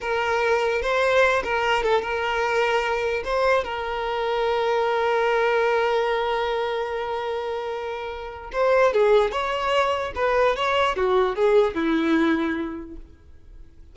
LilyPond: \new Staff \with { instrumentName = "violin" } { \time 4/4 \tempo 4 = 148 ais'2 c''4. ais'8~ | ais'8 a'8 ais'2. | c''4 ais'2.~ | ais'1~ |
ais'1~ | ais'4 c''4 gis'4 cis''4~ | cis''4 b'4 cis''4 fis'4 | gis'4 e'2. | }